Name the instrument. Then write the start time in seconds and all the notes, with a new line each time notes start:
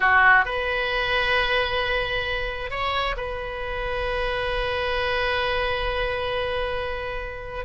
oboe
0.00 F#4
0.45 B4
2.70 C#5
3.16 B4